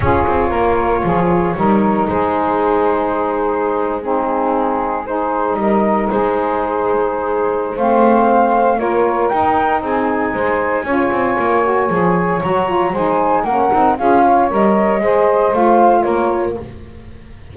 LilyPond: <<
  \new Staff \with { instrumentName = "flute" } { \time 4/4 \tempo 4 = 116 cis''1 | c''2.~ c''8. gis'16~ | gis'4.~ gis'16 c''4 dis''4 c''16~ | c''2. f''4~ |
f''4 cis''4 g''4 gis''4~ | gis''1 | ais''4 gis''4 fis''4 f''4 | dis''2 f''4 cis''4 | }
  \new Staff \with { instrumentName = "saxophone" } { \time 4/4 gis'4 ais'4 gis'4 ais'4 | gis'2.~ gis'8. dis'16~ | dis'4.~ dis'16 gis'4 ais'4 gis'16~ | gis'2. c''4~ |
c''4 ais'2 gis'4 | c''4 cis''2.~ | cis''4 c''4 ais'4 gis'8 cis''8~ | cis''4 c''2 ais'4 | }
  \new Staff \with { instrumentName = "saxophone" } { \time 4/4 f'2. dis'4~ | dis'2.~ dis'8. c'16~ | c'4.~ c'16 dis'2~ dis'16~ | dis'2. c'4~ |
c'4 f'4 dis'2~ | dis'4 f'4. fis'8 gis'4 | fis'8 f'8 dis'4 cis'8 dis'8 f'4 | ais'4 gis'4 f'2 | }
  \new Staff \with { instrumentName = "double bass" } { \time 4/4 cis'8 c'8 ais4 f4 g4 | gis1~ | gis2~ gis8. g4 gis16~ | gis2. a4~ |
a4 ais4 dis'4 c'4 | gis4 cis'8 c'8 ais4 f4 | fis4 gis4 ais8 c'8 cis'4 | g4 gis4 a4 ais4 | }
>>